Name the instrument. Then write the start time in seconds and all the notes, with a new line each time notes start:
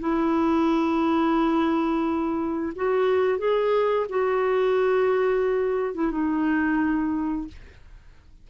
clarinet
0.00 E4
2.76 F#4
3.38 G#4
4.09 F#4
5.94 E4
6.11 D#4